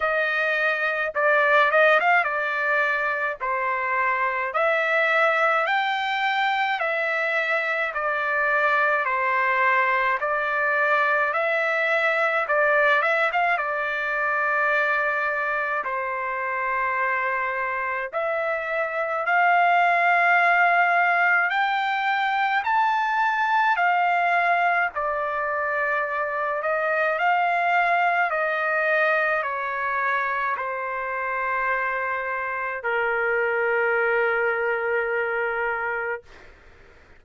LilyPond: \new Staff \with { instrumentName = "trumpet" } { \time 4/4 \tempo 4 = 53 dis''4 d''8 dis''16 f''16 d''4 c''4 | e''4 g''4 e''4 d''4 | c''4 d''4 e''4 d''8 e''16 f''16 | d''2 c''2 |
e''4 f''2 g''4 | a''4 f''4 d''4. dis''8 | f''4 dis''4 cis''4 c''4~ | c''4 ais'2. | }